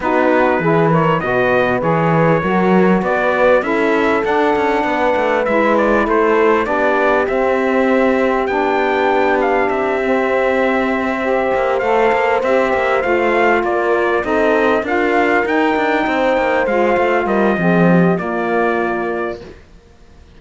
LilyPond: <<
  \new Staff \with { instrumentName = "trumpet" } { \time 4/4 \tempo 4 = 99 b'4. cis''8 dis''4 cis''4~ | cis''4 d''4 e''4 fis''4~ | fis''4 e''8 d''8 c''4 d''4 | e''2 g''4. f''8 |
e''2.~ e''8 f''8~ | f''8 e''4 f''4 d''4 dis''8~ | dis''8 f''4 g''2 f''8~ | f''8 dis''4. d''2 | }
  \new Staff \with { instrumentName = "horn" } { \time 4/4 fis'4 gis'8 ais'8 b'2 | ais'4 b'4 a'2 | b'2 a'4 g'4~ | g'1~ |
g'2~ g'8 c''4.~ | c''2~ c''8 ais'4 a'8~ | a'8 ais'2 c''4.~ | c''8 ais'8 gis'8 g'8 f'2 | }
  \new Staff \with { instrumentName = "saxophone" } { \time 4/4 dis'4 e'4 fis'4 gis'4 | fis'2 e'4 d'4~ | d'4 e'2 d'4 | c'2 d'2~ |
d'8 c'2 g'4 a'8~ | a'8 g'4 f'2 dis'8~ | dis'8 f'4 dis'2 f'8~ | f'4 c'4 ais2 | }
  \new Staff \with { instrumentName = "cello" } { \time 4/4 b4 e4 b,4 e4 | fis4 b4 cis'4 d'8 cis'8 | b8 a8 gis4 a4 b4 | c'2 b2 |
c'2. ais8 a8 | ais8 c'8 ais8 a4 ais4 c'8~ | c'8 d'4 dis'8 d'8 c'8 ais8 gis8 | a8 g8 f4 ais2 | }
>>